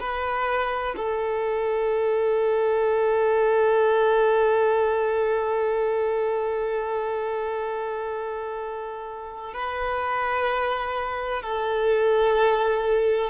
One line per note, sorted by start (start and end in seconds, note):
0.00 0.95 B4
0.97 9.54 A4
9.54 11.42 B4
11.42 13.30 A4